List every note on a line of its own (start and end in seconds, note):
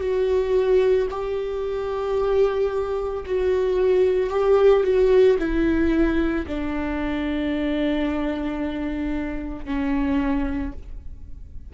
0.00 1.07 F#4
1.10 3.24 G4
3.26 4.30 F#4
4.30 4.84 G4
4.84 5.37 F#4
5.39 6.46 E4
6.47 9.65 D4
9.65 10.72 C#4